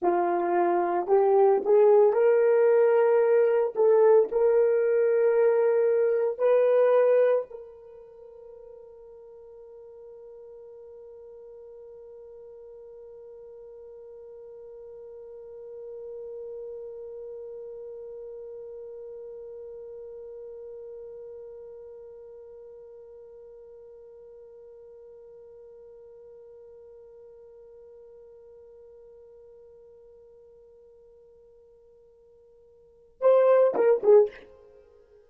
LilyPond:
\new Staff \with { instrumentName = "horn" } { \time 4/4 \tempo 4 = 56 f'4 g'8 gis'8 ais'4. a'8 | ais'2 b'4 ais'4~ | ais'1~ | ais'1~ |
ais'1~ | ais'1~ | ais'1~ | ais'2. c''8 ais'16 gis'16 | }